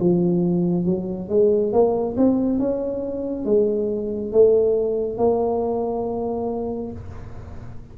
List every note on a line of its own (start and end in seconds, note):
0.00 0.85 F3
0.85 1.29 F#3
1.29 1.72 G#3
1.72 2.16 A#3
2.17 2.59 C4
2.59 3.45 C#4
3.45 4.32 G#3
4.32 5.18 A3
5.18 6.92 A#3